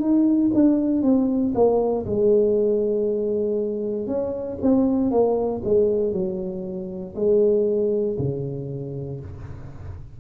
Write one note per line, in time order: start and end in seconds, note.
0.00 0.51 D#4
0.54 1.02 D4
1.02 1.53 C4
1.54 2.05 A#3
2.06 4.07 G#3
4.07 4.58 C#4
4.62 5.11 C4
5.11 5.62 A#3
5.64 6.12 G#3
6.12 7.14 F#3
7.15 8.17 G#3
8.18 9.20 C#3